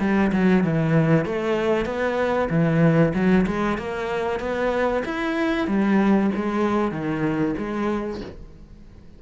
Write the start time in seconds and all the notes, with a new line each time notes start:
0.00 G3
0.32 F#3
0.64 E3
1.25 A3
1.85 B3
2.50 E3
3.14 F#3
3.47 G#3
3.78 A#3
4.40 B3
5.05 E4
5.68 G3
6.36 G#3
6.92 D#3
7.58 G#3